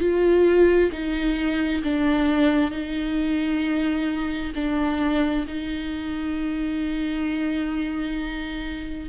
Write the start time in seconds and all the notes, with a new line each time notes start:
0.00 F4
0.92 D#4
1.83 D4
2.71 D#4
4.55 D4
5.48 D#4